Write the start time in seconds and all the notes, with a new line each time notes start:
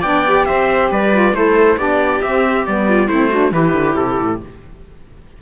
0.00 B3 D4 D5 G5
0.26 G4
0.45 C4 C5 E5
0.91 G3 B4 D5
1.12 F4
1.32 A3 E4 A4 C5
1.77 B3 D4 G4 D5
2.22 C4 E5
2.66 G3 B3 D5
2.89 F4
3.08 A3 C4 E4 C5
3.30 D4 F#4
3.52 E3 E4 G4 B4
3.73 D3
3.96 C3 A4
4.19 A2